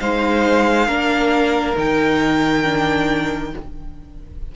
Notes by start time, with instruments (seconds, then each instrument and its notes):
0.00 cello G#3, viola D#4, violin C5 F5
0.87 cello A#3, viola D4, violin A#4
1.76 cello D#3, viola D#4, violin G5
2.63 viola D4